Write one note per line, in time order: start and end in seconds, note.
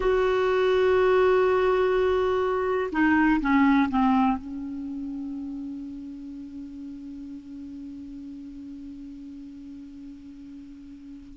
0.00 2.90 F#4
2.92 3.40 D#4
3.40 3.89 C#4
3.90 4.37 C4
4.37 11.37 C#4